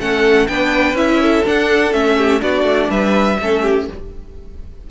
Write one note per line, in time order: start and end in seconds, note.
0.00 0.48 A3
0.00 0.49 C#4
0.00 0.49 A4
0.00 0.48 F#5
0.48 0.94 B3
0.48 0.96 D4
0.48 1.22 B4
0.48 0.96 G5
0.94 1.42 C#4
0.94 1.45 E4
0.94 1.46 E5
1.22 2.18 A4
1.45 1.93 D4
1.45 1.94 D4
1.45 1.93 F#5
1.93 2.42 A3
1.93 2.40 C#4
1.93 2.42 E5
2.18 2.42 G4
2.40 2.64 B3
2.40 3.37 D4
2.40 2.91 F#4
2.40 2.91 D5
2.64 2.88 A3
2.90 3.38 G3
2.90 3.39 B4
2.90 3.88 E5
3.40 3.89 A3
3.40 3.91 C#4
3.40 3.63 A4
3.63 3.87 G4